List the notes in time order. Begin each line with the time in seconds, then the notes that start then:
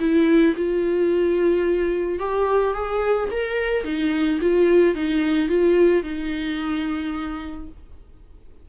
0.00 E4
0.57 F4
2.19 G4
2.74 G#4
3.31 A#4
3.85 D#4
4.41 F4
4.95 D#4
5.49 F4
6.03 D#4